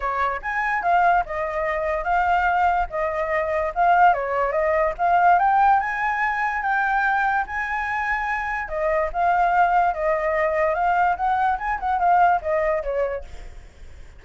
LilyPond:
\new Staff \with { instrumentName = "flute" } { \time 4/4 \tempo 4 = 145 cis''4 gis''4 f''4 dis''4~ | dis''4 f''2 dis''4~ | dis''4 f''4 cis''4 dis''4 | f''4 g''4 gis''2 |
g''2 gis''2~ | gis''4 dis''4 f''2 | dis''2 f''4 fis''4 | gis''8 fis''8 f''4 dis''4 cis''4 | }